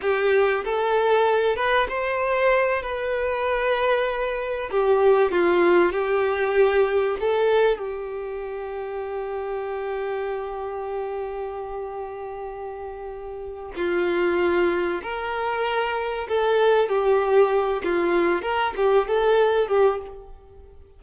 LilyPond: \new Staff \with { instrumentName = "violin" } { \time 4/4 \tempo 4 = 96 g'4 a'4. b'8 c''4~ | c''8 b'2. g'8~ | g'8 f'4 g'2 a'8~ | a'8 g'2.~ g'8~ |
g'1~ | g'2 f'2 | ais'2 a'4 g'4~ | g'8 f'4 ais'8 g'8 a'4 g'8 | }